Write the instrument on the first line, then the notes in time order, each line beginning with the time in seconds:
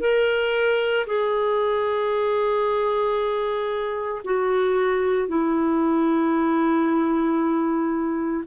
clarinet
0.00 A#4
1.06 G#4
4.24 F#4
5.28 E4